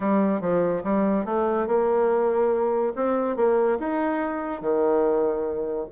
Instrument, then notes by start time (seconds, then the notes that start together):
bassoon
0.00 G3
0.40 F3
0.83 G3
1.25 A3
1.67 A#3
2.95 C4
3.36 A#3
3.79 D#4
4.61 D#3